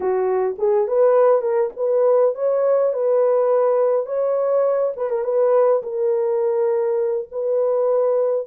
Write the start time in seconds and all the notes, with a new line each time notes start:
0.00 F#4
0.58 G#4
0.87 B4
1.41 A#4
1.76 B4
2.35 C#5
2.93 B4
4.06 C#5
4.96 B4
5.09 A#4
5.24 B4
5.82 A#4
7.31 B4